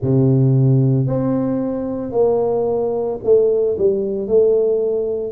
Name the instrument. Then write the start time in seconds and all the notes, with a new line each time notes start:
tuba
0.01 C3
1.06 C4
2.11 A#3
3.23 A3
3.77 G3
4.27 A3